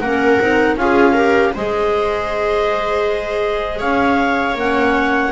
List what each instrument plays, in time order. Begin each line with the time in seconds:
0.00 double bass A#3, clarinet C#4 F#5, viola A#4
0.41 double bass C4, clarinet D#4
0.76 double bass C#4, clarinet F4 F5, viola G#4
1.13 clarinet G4, viola A#4
1.54 double bass G#3, clarinet G#4 D#5, viola C5
3.80 double bass C#4, viola C#5, clarinet F5
4.55 double bass A#3, clarinet C#4 F#5